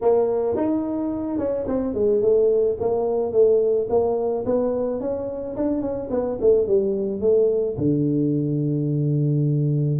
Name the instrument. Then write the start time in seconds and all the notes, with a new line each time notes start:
tuba
0.01 A#3
0.56 D#4
1.38 C#4
1.67 C4
1.94 G#3
2.21 A3
2.80 A#3
3.32 A3
3.89 A#3
4.45 B3
5.00 C#4
5.56 D4
5.81 C#4
6.10 B3
6.40 A3
6.67 G3
7.20 A3
7.77 D3